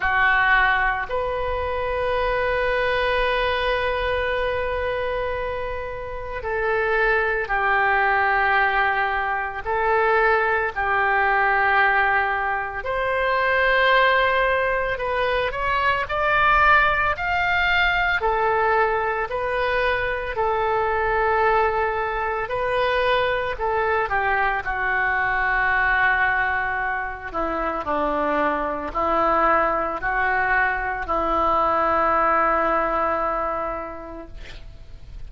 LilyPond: \new Staff \with { instrumentName = "oboe" } { \time 4/4 \tempo 4 = 56 fis'4 b'2.~ | b'2 a'4 g'4~ | g'4 a'4 g'2 | c''2 b'8 cis''8 d''4 |
f''4 a'4 b'4 a'4~ | a'4 b'4 a'8 g'8 fis'4~ | fis'4. e'8 d'4 e'4 | fis'4 e'2. | }